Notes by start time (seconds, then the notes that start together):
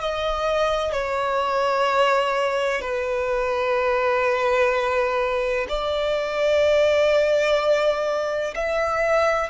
0.00 D#5
0.92 C#5
2.81 B4
5.68 D5
8.55 E5